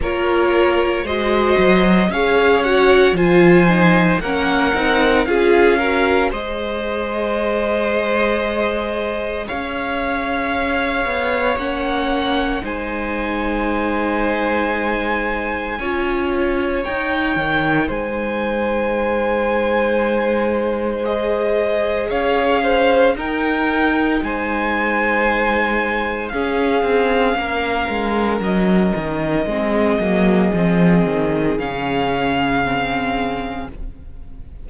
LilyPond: <<
  \new Staff \with { instrumentName = "violin" } { \time 4/4 \tempo 4 = 57 cis''4 dis''4 f''8 fis''8 gis''4 | fis''4 f''4 dis''2~ | dis''4 f''2 fis''4 | gis''1 |
g''4 gis''2. | dis''4 f''4 g''4 gis''4~ | gis''4 f''2 dis''4~ | dis''2 f''2 | }
  \new Staff \with { instrumentName = "violin" } { \time 4/4 ais'4 c''4 cis''4 c''4 | ais'4 gis'8 ais'8 c''2~ | c''4 cis''2. | c''2. cis''4~ |
cis''4 c''2.~ | c''4 cis''8 c''8 ais'4 c''4~ | c''4 gis'4 ais'2 | gis'1 | }
  \new Staff \with { instrumentName = "viola" } { \time 4/4 f'4 fis'4 gis'8 fis'8 f'8 dis'8 | cis'8 dis'8 f'8 fis'8 gis'2~ | gis'2. cis'4 | dis'2. f'4 |
dis'1 | gis'2 dis'2~ | dis'4 cis'2. | c'8 ais8 c'4 cis'4 c'4 | }
  \new Staff \with { instrumentName = "cello" } { \time 4/4 ais4 gis8 fis8 cis'4 f4 | ais8 c'8 cis'4 gis2~ | gis4 cis'4. b8 ais4 | gis2. cis'4 |
dis'8 dis8 gis2.~ | gis4 cis'4 dis'4 gis4~ | gis4 cis'8 c'8 ais8 gis8 fis8 dis8 | gis8 fis8 f8 dis8 cis2 | }
>>